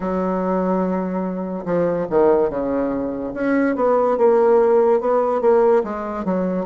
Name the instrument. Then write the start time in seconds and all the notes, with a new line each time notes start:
bassoon
0.00 F#3
1.65 F3
2.09 D#3
2.49 C#3
3.33 C#4
3.75 B3
4.17 A#3
5.00 B3
5.41 A#3
5.83 G#3
6.24 F#3